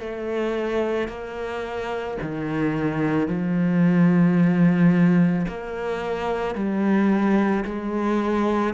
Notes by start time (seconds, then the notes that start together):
0.00 A3
1.09 A#3
2.22 D#3
3.28 F3
5.48 A#3
6.55 G3
7.65 G#3